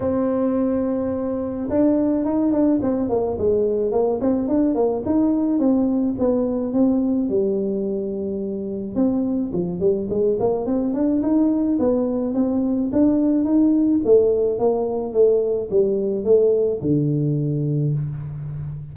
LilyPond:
\new Staff \with { instrumentName = "tuba" } { \time 4/4 \tempo 4 = 107 c'2. d'4 | dis'8 d'8 c'8 ais8 gis4 ais8 c'8 | d'8 ais8 dis'4 c'4 b4 | c'4 g2. |
c'4 f8 g8 gis8 ais8 c'8 d'8 | dis'4 b4 c'4 d'4 | dis'4 a4 ais4 a4 | g4 a4 d2 | }